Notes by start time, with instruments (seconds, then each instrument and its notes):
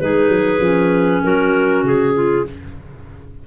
0.00 tuba G#3, clarinet D#4 G#4 B4
0.28 tuba F#3
0.59 tuba F3, clarinet C#4
1.23 tuba F#3, clarinet F#4 A#4
1.83 tuba C#3, clarinet G#4
2.15 clarinet F4